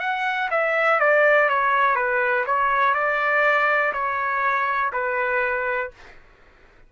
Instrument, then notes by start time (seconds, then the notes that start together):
trumpet
0.00 F#5
0.51 E5
1.00 D5
1.49 C#5
1.95 B4
2.46 C#5
2.94 D5
3.93 C#5
4.93 B4